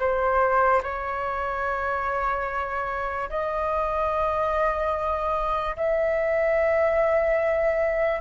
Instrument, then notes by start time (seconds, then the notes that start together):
flute
0.00 C5
0.83 C#5
3.30 D#5
5.77 E5